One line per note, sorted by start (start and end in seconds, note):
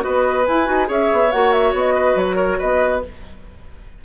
0.00 0.47 B3
0.00 0.43 F#4
0.00 0.88 B4
0.00 0.46 D#5
0.46 0.68 E4
0.46 0.65 E4
0.46 0.89 G#5
0.65 0.89 D#4
0.65 0.86 F#4
0.86 1.10 C#4
0.86 1.29 G#4
0.86 1.94 C#5
0.86 1.31 E5
1.12 1.33 B3
1.31 1.73 A#3
1.31 3.02 F#4
1.31 1.52 F#5
1.52 1.73 E5
1.73 2.15 B3
1.73 2.18 D#5
1.94 2.36 B4
2.15 2.58 F#3
2.15 2.60 C#5
2.36 2.57 A#4
2.59 3.04 B3
2.59 3.01 B4
2.59 3.03 D#5